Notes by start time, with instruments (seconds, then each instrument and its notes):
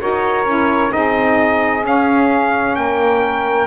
0.00 double bass D#4, saxophone F#4 A#4, trumpet C#5
0.46 double bass C#4, saxophone E4
0.90 double bass C4, saxophone D#4 G#4, trumpet D#5
1.83 saxophone C#4, double bass C#4, trumpet F5
2.76 double bass A#3, saxophone A#4, trumpet G5